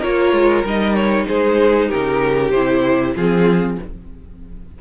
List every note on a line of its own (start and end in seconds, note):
0.00 0.33 A#3
0.00 0.65 F4
0.00 1.25 A#4
0.00 0.65 C#5
0.33 0.64 G#3
0.64 1.27 G3
0.64 2.54 D#4
0.64 0.95 D#5
0.95 1.26 C#5
1.28 1.92 G#3
1.28 1.89 G#4
1.28 1.90 C5
1.89 2.52 C#3
1.89 3.14 G4
1.89 2.51 A#4
2.51 3.15 C3
2.51 3.18 E4
2.51 3.14 C5
3.16 3.79 F3
3.16 3.81 C4
3.16 3.79 F4
3.16 3.79 G#4